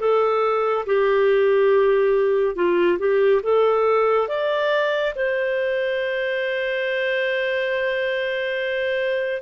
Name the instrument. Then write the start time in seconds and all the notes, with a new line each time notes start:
clarinet
0.00 A4
0.86 G4
2.56 F4
2.99 G4
3.43 A4
4.29 D5
5.16 C5